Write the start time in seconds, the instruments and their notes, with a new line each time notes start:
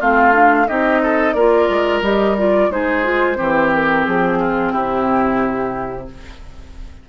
0.00 bassoon A3, clarinet C4, oboe F4, flute F5
0.33 clarinet D4
0.68 bassoon C4, clarinet D#4, oboe G4, flute D#5
1.03 oboe A4
1.34 bassoon A#3, clarinet F4, oboe A#4, flute D5
1.70 bassoon G#3
2.02 bassoon G3, clarinet G4, flute D#5
2.38 clarinet F4, flute D5
2.70 bassoon G#3, clarinet D#4, oboe G#4, flute C5
3.04 clarinet F4
3.36 bassoon E3, clarinet C4, oboe G4
3.73 flute A#4
4.05 bassoon F3, flute G#4
4.40 oboe F4
4.73 bassoon C3, oboe E4, flute G4